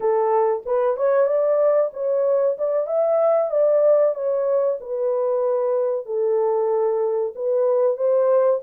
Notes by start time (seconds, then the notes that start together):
0.00 A4
0.65 B4
0.96 C#5
1.26 D5
1.93 C#5
2.58 D5
2.86 E5
3.50 D5
4.14 C#5
4.80 B4
6.05 A4
7.35 B4
7.96 C5